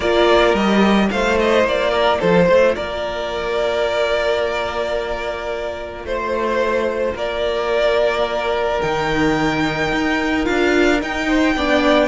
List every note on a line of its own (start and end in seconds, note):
0.00 0.54 A#3
0.00 0.56 F4
0.00 1.07 A#4
0.00 0.54 D5
0.54 1.09 G3
0.54 1.11 G4
0.54 1.09 D#5
1.10 1.63 A3
1.10 8.82 F4
1.10 1.90 C5
1.10 1.38 F5
1.39 1.67 D#5
1.63 2.18 A#3
1.63 2.20 D5
1.90 2.18 A#4
2.19 2.48 F3
2.19 2.45 A4
2.19 2.75 C5
2.45 2.76 A3
2.45 2.73 C5
2.75 6.04 A#3
2.75 6.06 A#4
2.75 6.05 D5
6.04 7.14 A3
6.04 7.14 C5
6.04 7.17 C5
7.14 8.80 A#3
7.14 11.27 A#4
7.14 8.81 D5
8.81 9.92 D#3
8.81 10.44 D#4
8.81 10.45 G5
9.92 10.47 D#4
10.44 11.02 D4
10.44 10.99 F4
10.44 11.00 F5
11.01 11.56 D#4
11.01 11.55 D#4
11.01 12.08 G5
11.27 11.54 C5
11.55 12.08 B3
11.55 12.08 D4
11.55 12.08 D5